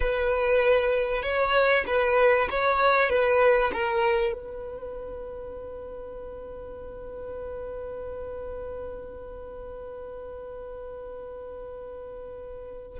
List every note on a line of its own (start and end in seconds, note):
0.00 1.22 B4
1.22 1.84 C#5
1.86 2.48 B4
2.50 3.09 C#5
3.09 3.71 B4
3.73 4.32 A#4
4.32 12.98 B4